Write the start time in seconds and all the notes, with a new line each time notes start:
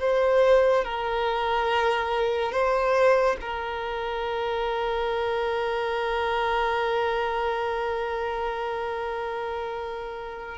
0.00 C5
0.85 A#4
2.52 C5
3.41 A#4